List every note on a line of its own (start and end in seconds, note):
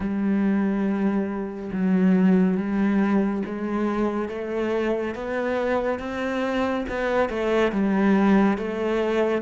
0.00 1.71 G3
1.72 2.57 F#3
2.57 3.42 G3
3.45 4.29 G#3
4.29 5.14 A3
5.14 5.99 B3
5.99 6.85 C4
6.88 7.29 B3
7.29 7.71 A3
7.71 8.57 G3
8.57 9.41 A3